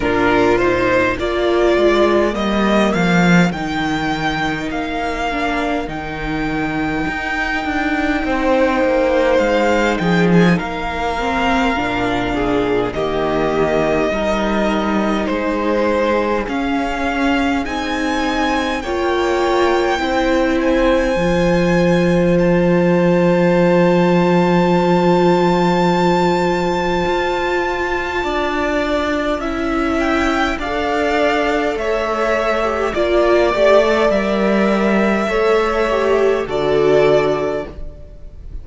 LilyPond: <<
  \new Staff \with { instrumentName = "violin" } { \time 4/4 \tempo 4 = 51 ais'8 c''8 d''4 dis''8 f''8 g''4 | f''4 g''2. | f''8 g''16 gis''16 f''2 dis''4~ | dis''4 c''4 f''4 gis''4 |
g''4. gis''4. a''4~ | a''1~ | a''4. g''8 f''4 e''4 | d''4 e''2 d''4 | }
  \new Staff \with { instrumentName = "violin" } { \time 4/4 f'4 ais'2.~ | ais'2. c''4~ | c''8 gis'8 ais'4. gis'8 g'4 | ais'4 gis'2. |
cis''4 c''2.~ | c''1 | d''4 e''4 d''4 cis''4 | d''2 cis''4 a'4 | }
  \new Staff \with { instrumentName = "viola" } { \time 4/4 d'8 dis'8 f'4 ais4 dis'4~ | dis'8 d'8 dis'2.~ | dis'4. c'8 d'4 ais4 | dis'2 cis'4 dis'4 |
f'4 e'4 f'2~ | f'1~ | f'4 e'4 a'4.~ a'16 g'16 | f'8 g'16 a'16 ais'4 a'8 g'8 fis'4 | }
  \new Staff \with { instrumentName = "cello" } { \time 4/4 ais,4 ais8 gis8 g8 f8 dis4 | ais4 dis4 dis'8 d'8 c'8 ais8 | gis8 f8 ais4 ais,4 dis4 | g4 gis4 cis'4 c'4 |
ais4 c'4 f2~ | f2. f'4 | d'4 cis'4 d'4 a4 | ais8 a8 g4 a4 d4 | }
>>